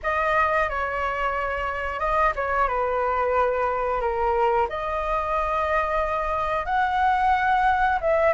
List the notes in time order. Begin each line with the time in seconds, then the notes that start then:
0.02 D#5
0.69 C#5
1.99 D#5
2.35 C#5
2.68 B4
4.01 A#4
4.69 D#5
6.65 F#5
8.01 E5